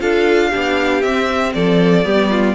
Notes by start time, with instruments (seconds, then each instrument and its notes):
0.00 cello D4, viola F4, violin A4 F5
0.49 cello B3, viola D4, violin G4
1.01 cello C4, viola C4, violin E5
1.54 cello F3, violin A4 D5
2.04 cello G3, viola B3, violin G4
2.30 violin F4